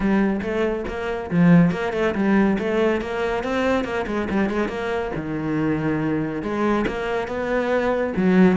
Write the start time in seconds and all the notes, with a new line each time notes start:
0.00 G3
0.41 A3
0.87 A#3
1.30 F3
1.71 A#3
1.93 A3
2.14 G3
2.58 A3
3.01 A#3
3.43 C4
3.84 A#3
4.06 G#3
4.30 G3
4.49 G#3
4.68 A#3
5.15 D#3
6.42 G#3
6.87 A#3
7.27 B3
8.16 F#3